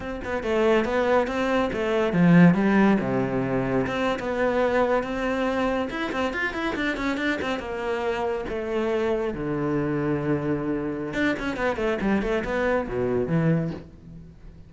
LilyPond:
\new Staff \with { instrumentName = "cello" } { \time 4/4 \tempo 4 = 140 c'8 b8 a4 b4 c'4 | a4 f4 g4 c4~ | c4 c'8. b2 c'16~ | c'4.~ c'16 e'8 c'8 f'8 e'8 d'16~ |
d'16 cis'8 d'8 c'8 ais2 a16~ | a4.~ a16 d2~ d16~ | d2 d'8 cis'8 b8 a8 | g8 a8 b4 b,4 e4 | }